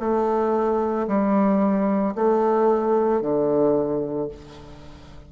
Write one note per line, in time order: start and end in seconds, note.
0.00 1.07 A3
1.08 2.15 G3
2.15 3.21 A3
3.21 4.29 D3